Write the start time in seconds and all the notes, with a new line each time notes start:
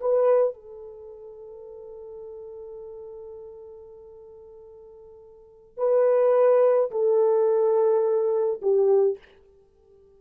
0.00 B4
0.54 A4
5.77 B4
6.91 A4
8.62 G4